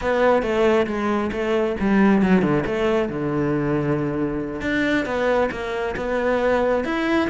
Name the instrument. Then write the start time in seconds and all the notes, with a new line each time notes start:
cello
0.01 B3
0.42 A3
0.86 G#3
1.32 A3
1.80 G3
2.22 F#3
2.41 D3
2.66 A3
3.08 D3
4.61 D4
5.05 B3
5.51 A#3
5.96 B3
6.84 E4